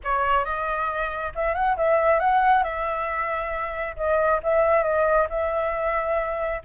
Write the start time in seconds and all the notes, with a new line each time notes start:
0.04 C#5
0.44 D#5
1.35 E5
1.54 F#5
1.76 E5
2.19 F#5
2.63 E5
3.96 D#5
4.43 E5
4.83 D#5
5.29 E5